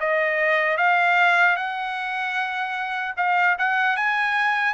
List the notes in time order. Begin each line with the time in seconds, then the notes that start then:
0.00 D#5
0.77 F5
1.56 F#5
3.17 F5
3.58 F#5
3.97 G#5